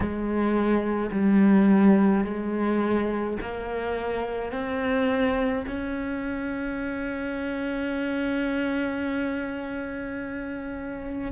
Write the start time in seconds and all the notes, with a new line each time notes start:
0.00 G#3
1.11 G3
2.24 G#3
3.41 A#3
4.52 C4
5.67 C#4